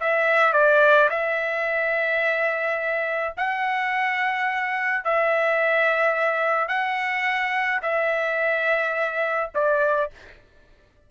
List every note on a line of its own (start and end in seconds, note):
0.00 0.53 E5
0.53 1.09 D5
1.10 3.34 E5
3.37 5.04 F#5
5.04 6.68 E5
6.68 7.80 F#5
7.82 9.50 E5
9.55 10.11 D5